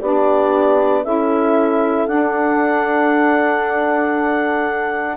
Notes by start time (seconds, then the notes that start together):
0.00 B3 D4 G4 D5
1.05 C#4 E4 A4 E5
2.08 D4 F#5